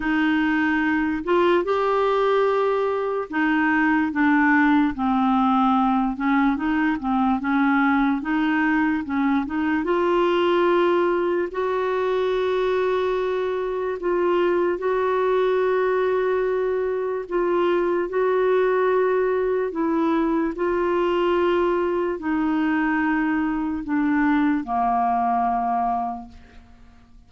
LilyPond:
\new Staff \with { instrumentName = "clarinet" } { \time 4/4 \tempo 4 = 73 dis'4. f'8 g'2 | dis'4 d'4 c'4. cis'8 | dis'8 c'8 cis'4 dis'4 cis'8 dis'8 | f'2 fis'2~ |
fis'4 f'4 fis'2~ | fis'4 f'4 fis'2 | e'4 f'2 dis'4~ | dis'4 d'4 ais2 | }